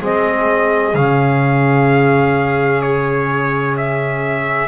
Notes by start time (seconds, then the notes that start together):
0.00 G#3 C4 G#4 D#5
0.94 C#3 C#4 F5
2.81 C#5
3.77 E5